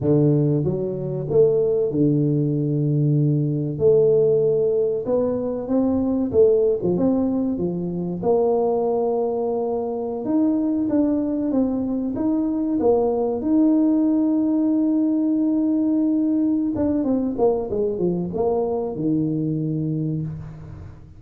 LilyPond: \new Staff \with { instrumentName = "tuba" } { \time 4/4 \tempo 4 = 95 d4 fis4 a4 d4~ | d2 a2 | b4 c'4 a8. f16 c'4 | f4 ais2.~ |
ais16 dis'4 d'4 c'4 dis'8.~ | dis'16 ais4 dis'2~ dis'8.~ | dis'2~ dis'8 d'8 c'8 ais8 | gis8 f8 ais4 dis2 | }